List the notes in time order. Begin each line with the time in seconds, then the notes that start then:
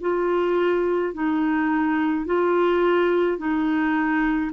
0.00 F4
1.13 D#4
2.25 F4
3.37 D#4